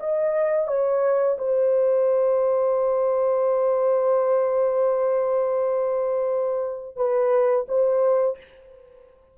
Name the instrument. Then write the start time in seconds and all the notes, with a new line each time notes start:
horn
0.00 D#5
0.68 C#5
1.39 C5
6.97 B4
7.68 C5